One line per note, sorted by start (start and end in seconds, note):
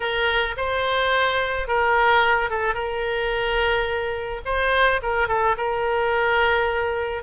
0.00 0.55 A#4
0.56 1.67 C5
1.67 2.50 A#4
2.50 2.74 A4
2.74 4.41 A#4
4.45 5.00 C5
5.02 5.28 A#4
5.28 5.56 A4
5.57 7.23 A#4